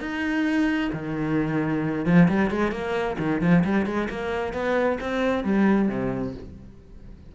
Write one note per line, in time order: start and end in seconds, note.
0.00 0.90 D#4
0.93 2.05 D#3
2.05 2.28 F3
2.28 2.50 G3
2.50 2.71 G#3
2.71 3.17 A#3
3.18 3.41 D#3
3.41 3.63 F3
3.64 3.86 G3
3.86 4.08 G#3
4.09 4.53 A#3
4.53 4.98 B3
5.00 5.44 C4
5.44 5.89 G3
5.89 6.34 C3